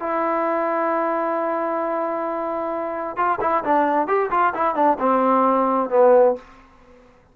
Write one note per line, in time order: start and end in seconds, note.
0.00 3.17 E4
3.17 3.39 F4
3.41 3.64 E4
3.64 4.07 D4
4.07 4.30 G4
4.31 4.54 F4
4.54 4.75 E4
4.75 4.98 D4
4.99 5.90 C4
5.90 6.36 B3